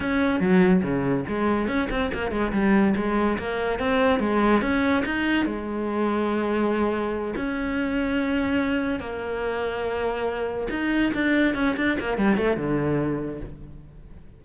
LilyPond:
\new Staff \with { instrumentName = "cello" } { \time 4/4 \tempo 4 = 143 cis'4 fis4 cis4 gis4 | cis'8 c'8 ais8 gis8 g4 gis4 | ais4 c'4 gis4 cis'4 | dis'4 gis2.~ |
gis4. cis'2~ cis'8~ | cis'4. ais2~ ais8~ | ais4. dis'4 d'4 cis'8 | d'8 ais8 g8 a8 d2 | }